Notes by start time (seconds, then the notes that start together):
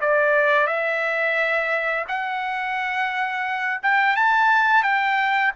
0.00 D5
0.67 E5
2.08 F#5
3.82 G5
4.16 A5
4.82 G5